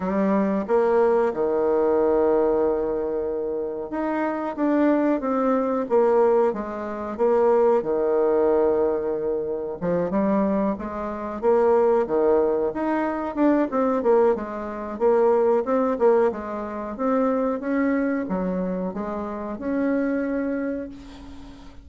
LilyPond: \new Staff \with { instrumentName = "bassoon" } { \time 4/4 \tempo 4 = 92 g4 ais4 dis2~ | dis2 dis'4 d'4 | c'4 ais4 gis4 ais4 | dis2. f8 g8~ |
g8 gis4 ais4 dis4 dis'8~ | dis'8 d'8 c'8 ais8 gis4 ais4 | c'8 ais8 gis4 c'4 cis'4 | fis4 gis4 cis'2 | }